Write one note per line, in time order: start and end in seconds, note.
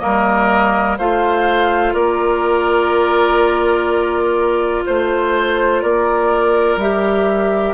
0.00 0.99 G3
0.00 0.97 A#3
0.00 0.99 A#4
0.00 0.97 D#5
0.98 1.94 A3
0.98 6.81 F4
0.98 1.94 C5
0.98 1.94 F5
1.94 4.84 A#3
1.94 4.84 A#4
1.94 4.84 D5
4.86 5.83 A3
4.86 5.82 C5
5.82 6.76 A#3
5.82 7.74 A#4
5.82 6.79 D5
6.76 7.73 G3
6.76 7.74 G4
6.76 7.74 E5